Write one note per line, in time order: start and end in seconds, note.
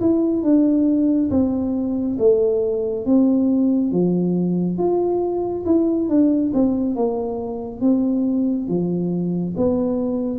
0.00 0.43 E4
0.43 1.30 D4
1.30 2.17 C4
2.19 3.06 A3
3.06 3.91 C4
3.91 4.77 F3
4.77 5.64 F4
5.65 6.08 E4
6.08 6.52 D4
6.53 6.95 C4
6.95 7.81 A#3
7.81 8.68 C4
8.68 9.55 F3
9.57 10.39 B3